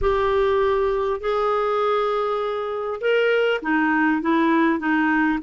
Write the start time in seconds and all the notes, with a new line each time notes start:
0.01 G4
1.20 G#4
3.00 A#4
3.62 D#4
4.21 E4
4.79 D#4